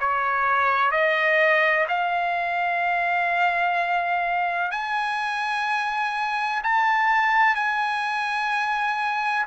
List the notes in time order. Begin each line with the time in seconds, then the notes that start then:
0.00 C#5
0.91 D#5
1.89 F5
4.71 G#5
6.64 A5
7.55 G#5